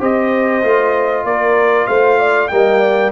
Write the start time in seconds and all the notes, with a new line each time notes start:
0.00 C4 G4 C5 D#5
0.64 A3 F4
1.25 A#3 A#4 D5
1.87 A3 C5 F5
2.19 D5
2.49 G3 A#3 D#5 G5
2.81 D5